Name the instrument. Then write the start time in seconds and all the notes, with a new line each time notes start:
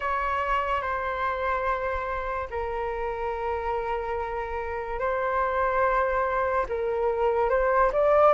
flute
0.00 C#5
0.81 C5
2.50 A#4
4.99 C5
6.69 A#4
7.49 C5
7.92 D5